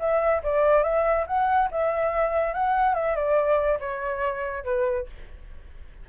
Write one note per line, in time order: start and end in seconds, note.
0.00 0.42 E5
0.43 0.84 D5
0.84 1.26 E5
1.27 1.69 F#5
1.72 2.54 E5
2.54 2.95 F#5
2.95 3.16 E5
3.16 3.79 D5
3.80 4.65 C#5
4.65 5.07 B4